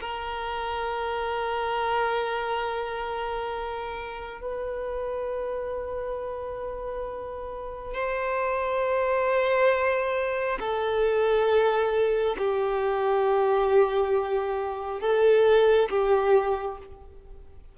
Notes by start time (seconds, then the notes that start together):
0.00 A#4
4.41 B4
7.94 C5
10.60 A4
12.38 G4
15.00 A4
15.89 G4